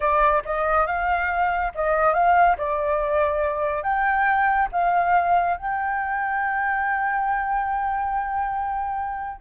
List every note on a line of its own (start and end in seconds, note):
0.00 0.42 D5
0.45 0.86 D#5
0.86 1.72 F5
1.74 2.13 D#5
2.13 2.56 F5
2.57 3.82 D5
3.82 4.68 G5
4.71 5.57 F5
5.57 9.41 G5